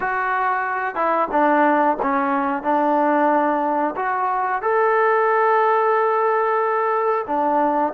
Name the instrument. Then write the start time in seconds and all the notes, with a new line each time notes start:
trombone
0.00 F#4
0.95 E4
1.31 D4
2.02 C#4
2.63 D4
3.96 F#4
4.62 A4
7.27 D4